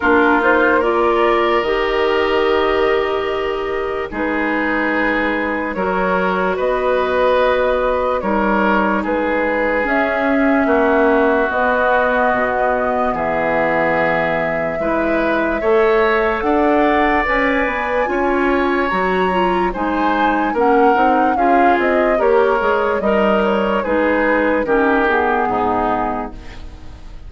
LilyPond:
<<
  \new Staff \with { instrumentName = "flute" } { \time 4/4 \tempo 4 = 73 ais'8 c''8 d''4 dis''2~ | dis''4 b'2 cis''4 | dis''2 cis''4 b'4 | e''2 dis''2 |
e''1 | fis''4 gis''2 ais''4 | gis''4 fis''4 f''8 dis''8 cis''4 | dis''8 cis''8 b'4 ais'8 gis'4. | }
  \new Staff \with { instrumentName = "oboe" } { \time 4/4 f'4 ais'2.~ | ais'4 gis'2 ais'4 | b'2 ais'4 gis'4~ | gis'4 fis'2. |
gis'2 b'4 cis''4 | d''2 cis''2 | c''4 ais'4 gis'4 ais'4 | dis'4 gis'4 g'4 dis'4 | }
  \new Staff \with { instrumentName = "clarinet" } { \time 4/4 d'8 dis'8 f'4 g'2~ | g'4 dis'2 fis'4~ | fis'2 dis'2 | cis'2 b2~ |
b2 e'4 a'4~ | a'4 b'4 f'4 fis'8 f'8 | dis'4 cis'8 dis'8 f'4 g'8 gis'8 | ais'4 dis'4 cis'8 b4. | }
  \new Staff \with { instrumentName = "bassoon" } { \time 4/4 ais2 dis2~ | dis4 gis2 fis4 | b2 g4 gis4 | cis'4 ais4 b4 b,4 |
e2 gis4 a4 | d'4 cis'8 b8 cis'4 fis4 | gis4 ais8 c'8 cis'8 c'8 ais8 gis8 | g4 gis4 dis4 gis,4 | }
>>